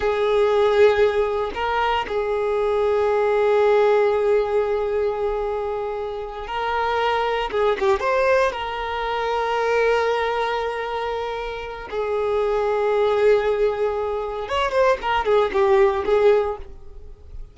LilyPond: \new Staff \with { instrumentName = "violin" } { \time 4/4 \tempo 4 = 116 gis'2. ais'4 | gis'1~ | gis'1~ | gis'8 ais'2 gis'8 g'8 c''8~ |
c''8 ais'2.~ ais'8~ | ais'2. gis'4~ | gis'1 | cis''8 c''8 ais'8 gis'8 g'4 gis'4 | }